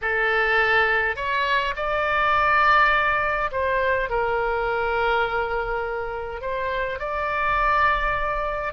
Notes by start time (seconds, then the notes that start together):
0.01 A4
1.16 C#5
1.76 D5
3.51 C5
4.09 A#4
6.41 C5
6.99 D5